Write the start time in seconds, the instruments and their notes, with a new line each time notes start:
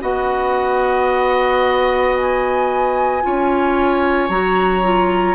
0.00 bassoon B3, clarinet F#4, oboe D#5, flute F#5
2.16 flute G#5
3.22 bassoon C#4, clarinet F4, oboe C#5
4.29 bassoon F#3, clarinet F#4, flute A#5
4.83 clarinet F4